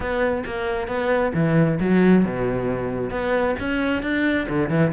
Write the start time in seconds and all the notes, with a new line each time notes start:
0.00 B3
0.45 A#3
0.87 B3
1.34 E3
1.80 F#3
2.24 B2
3.10 B3
3.59 C#4
4.02 D4
4.48 D3
4.69 E3